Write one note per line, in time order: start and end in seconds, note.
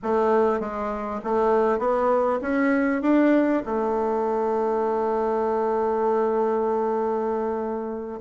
0.02 0.60 A3
0.60 1.20 G#3
1.24 1.79 A3
1.79 2.39 B3
2.41 3.02 C#4
3.02 3.62 D4
3.65 8.20 A3